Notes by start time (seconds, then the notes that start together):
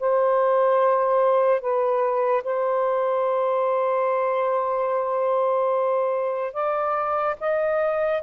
0.00 C5
1.61 B4
2.44 C5
6.54 D5
7.40 D#5